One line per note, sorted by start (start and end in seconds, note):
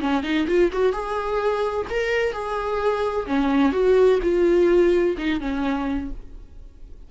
0.00 0.23 C#4
0.23 0.46 D#4
0.47 0.71 F4
0.72 0.92 F#4
0.92 1.86 G#4
1.90 2.32 A#4
2.32 3.26 G#4
3.26 3.72 C#4
3.72 4.19 F#4
4.22 5.16 F4
5.18 5.40 D#4
5.40 6.10 C#4